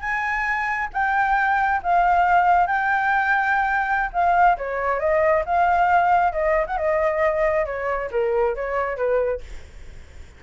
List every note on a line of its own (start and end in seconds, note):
0.00 0.88 G#5
0.93 1.81 G5
1.83 2.67 F5
2.67 4.10 G5
4.13 4.57 F5
4.58 5.00 C#5
5.00 5.44 D#5
5.46 6.32 F5
6.32 6.66 D#5
6.67 6.78 F#5
6.78 7.66 D#5
7.66 8.10 C#5
8.11 8.55 A#4
8.55 8.97 C#5
8.97 9.41 B4